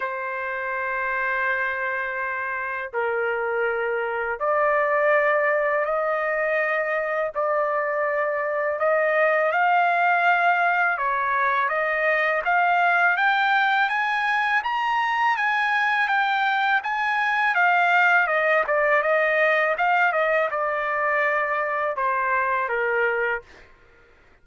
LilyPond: \new Staff \with { instrumentName = "trumpet" } { \time 4/4 \tempo 4 = 82 c''1 | ais'2 d''2 | dis''2 d''2 | dis''4 f''2 cis''4 |
dis''4 f''4 g''4 gis''4 | ais''4 gis''4 g''4 gis''4 | f''4 dis''8 d''8 dis''4 f''8 dis''8 | d''2 c''4 ais'4 | }